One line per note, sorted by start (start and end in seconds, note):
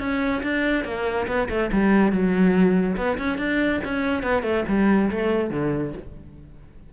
0.00 0.42 C#4
0.43 0.85 D4
0.85 1.27 A#3
1.27 1.48 B3
1.50 1.71 A3
1.72 2.12 G3
2.12 2.97 F#3
2.97 3.18 B3
3.18 3.38 C#4
3.38 3.80 D4
3.85 4.23 C#4
4.23 4.43 B3
4.43 4.64 A3
4.68 5.10 G3
5.11 5.51 A3
5.51 5.93 D3